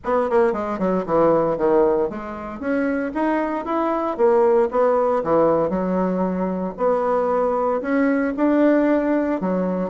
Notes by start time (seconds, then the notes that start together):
0.04 B3
0.30 A#3
0.52 G#3
0.78 F#3
1.06 E3
1.57 D#3
2.09 G#3
2.59 C#4
3.14 D#4
3.65 E4
4.17 A#3
4.71 B3
5.23 E3
5.69 F#3
6.77 B3
7.81 C#4
8.36 D4
9.41 F#3